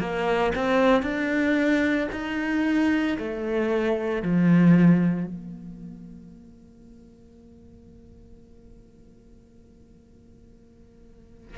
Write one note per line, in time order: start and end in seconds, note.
0.00 0.53 A#3
0.56 1.02 C4
1.02 2.08 D4
2.12 3.17 D#4
3.18 4.22 A3
4.22 5.26 F3
5.26 11.57 A#3